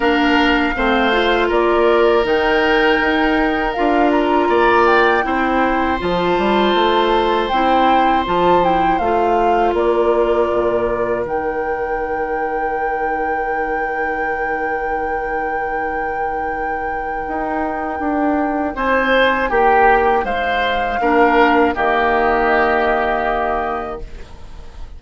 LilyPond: <<
  \new Staff \with { instrumentName = "flute" } { \time 4/4 \tempo 4 = 80 f''2 d''4 g''4~ | g''4 f''8 ais''4 g''4. | a''2 g''4 a''8 g''8 | f''4 d''2 g''4~ |
g''1~ | g''1~ | g''4 gis''4 g''4 f''4~ | f''4 dis''2. | }
  \new Staff \with { instrumentName = "oboe" } { \time 4/4 ais'4 c''4 ais'2~ | ais'2 d''4 c''4~ | c''1~ | c''4 ais'2.~ |
ais'1~ | ais'1~ | ais'4 c''4 g'4 c''4 | ais'4 g'2. | }
  \new Staff \with { instrumentName = "clarinet" } { \time 4/4 d'4 c'8 f'4. dis'4~ | dis'4 f'2 e'4 | f'2 e'4 f'8 e'8 | f'2. dis'4~ |
dis'1~ | dis'1~ | dis'1 | d'4 ais2. | }
  \new Staff \with { instrumentName = "bassoon" } { \time 4/4 ais4 a4 ais4 dis4 | dis'4 d'4 ais4 c'4 | f8 g8 a4 c'4 f4 | a4 ais4 ais,4 dis4~ |
dis1~ | dis2. dis'4 | d'4 c'4 ais4 gis4 | ais4 dis2. | }
>>